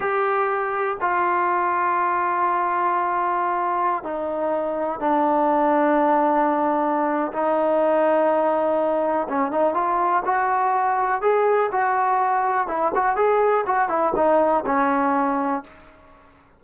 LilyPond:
\new Staff \with { instrumentName = "trombone" } { \time 4/4 \tempo 4 = 123 g'2 f'2~ | f'1~ | f'16 dis'2 d'4.~ d'16~ | d'2. dis'4~ |
dis'2. cis'8 dis'8 | f'4 fis'2 gis'4 | fis'2 e'8 fis'8 gis'4 | fis'8 e'8 dis'4 cis'2 | }